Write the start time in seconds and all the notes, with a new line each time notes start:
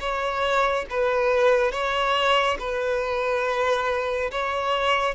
0.00 C#5
0.90 B4
1.71 C#5
2.59 B4
4.31 C#5